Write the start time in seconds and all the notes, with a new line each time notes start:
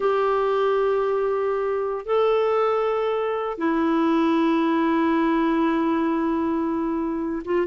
0.00 G4
2.05 A4
3.58 E4
7.44 F4